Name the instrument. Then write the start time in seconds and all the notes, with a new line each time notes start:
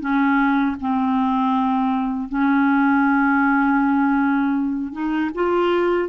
clarinet
0.00 C#4
0.80 C4
2.28 C#4
4.92 D#4
5.34 F4